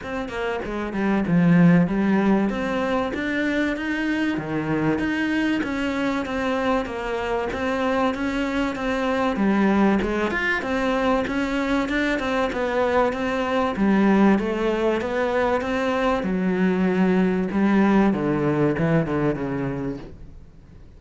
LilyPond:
\new Staff \with { instrumentName = "cello" } { \time 4/4 \tempo 4 = 96 c'8 ais8 gis8 g8 f4 g4 | c'4 d'4 dis'4 dis4 | dis'4 cis'4 c'4 ais4 | c'4 cis'4 c'4 g4 |
gis8 f'8 c'4 cis'4 d'8 c'8 | b4 c'4 g4 a4 | b4 c'4 fis2 | g4 d4 e8 d8 cis4 | }